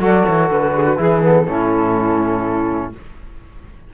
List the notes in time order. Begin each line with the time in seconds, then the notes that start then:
0.00 F#3 F#4 A4 D5
0.26 E3 C#5
0.51 D3 B4
0.77 G#4
0.85 F#4
0.97 E3 E4 G#4
1.23 B3 A4
1.48 A2 C#4 E4